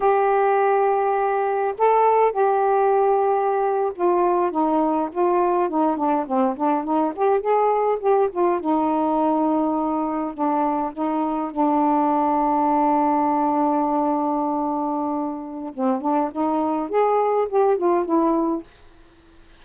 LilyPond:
\new Staff \with { instrumentName = "saxophone" } { \time 4/4 \tempo 4 = 103 g'2. a'4 | g'2~ g'8. f'4 dis'16~ | dis'8. f'4 dis'8 d'8 c'8 d'8 dis'16~ | dis'16 g'8 gis'4 g'8 f'8 dis'4~ dis'16~ |
dis'4.~ dis'16 d'4 dis'4 d'16~ | d'1~ | d'2. c'8 d'8 | dis'4 gis'4 g'8 f'8 e'4 | }